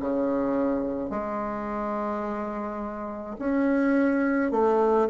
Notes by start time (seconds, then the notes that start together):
0.00 C#3
1.10 G#3
3.39 C#4
4.51 A3